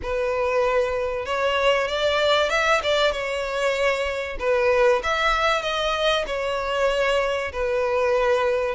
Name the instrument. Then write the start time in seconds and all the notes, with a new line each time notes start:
violin
0.02 B4
1.25 C#5
1.88 D5
2.49 E5
2.83 D5
3.12 C#5
4.39 B4
5.03 E5
5.62 D#5
6.27 C#5
7.52 B4